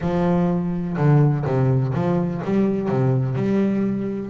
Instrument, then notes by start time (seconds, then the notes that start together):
double bass
0.00 F3
0.97 D3
1.45 C3
1.94 F3
2.44 G3
2.88 C3
3.35 G3